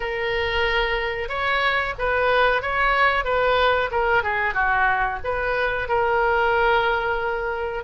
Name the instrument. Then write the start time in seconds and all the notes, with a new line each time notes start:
oboe
0.00 A#4
1.28 C#5
1.98 B4
2.61 C#5
3.24 B4
3.91 A#4
4.23 G#4
4.54 F#4
5.24 B4
5.88 A#4